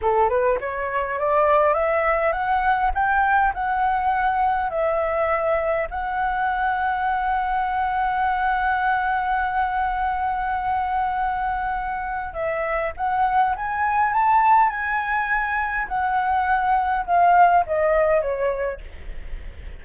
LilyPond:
\new Staff \with { instrumentName = "flute" } { \time 4/4 \tempo 4 = 102 a'8 b'8 cis''4 d''4 e''4 | fis''4 g''4 fis''2 | e''2 fis''2~ | fis''1~ |
fis''1~ | fis''4 e''4 fis''4 gis''4 | a''4 gis''2 fis''4~ | fis''4 f''4 dis''4 cis''4 | }